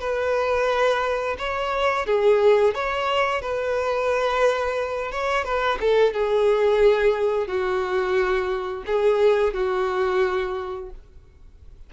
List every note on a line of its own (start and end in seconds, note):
0.00 1.36 B4
1.38 2.06 C#5
2.06 2.74 G#4
2.74 3.42 C#5
3.42 5.11 B4
5.11 5.44 C#5
5.44 5.78 B4
5.80 6.13 A4
6.13 7.47 G#4
7.47 8.84 F#4
8.86 9.54 G#4
9.54 10.90 F#4